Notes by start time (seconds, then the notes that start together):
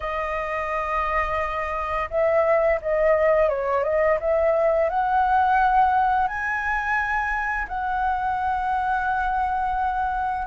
0.00 D#5
2.10 E5
2.81 D#5
3.49 C#5
3.83 D#5
4.20 E5
4.89 F#5
6.27 G#5
7.67 F#5